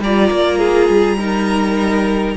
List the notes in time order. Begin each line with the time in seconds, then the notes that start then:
0.00 G3 F4 D5 A#5
0.31 A#3
0.58 G#4
0.88 G3
1.18 D#4 A#4